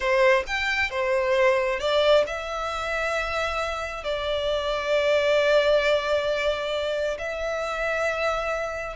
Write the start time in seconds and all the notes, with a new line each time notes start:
0.00 C5
0.46 G5
0.90 C5
1.79 D5
2.26 E5
4.04 D5
7.18 E5